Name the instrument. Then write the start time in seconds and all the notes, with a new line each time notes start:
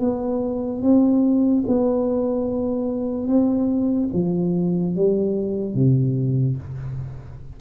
tuba
0.00 B3
0.83 C4
1.68 B3
3.28 C4
4.14 F3
4.96 G3
5.75 C3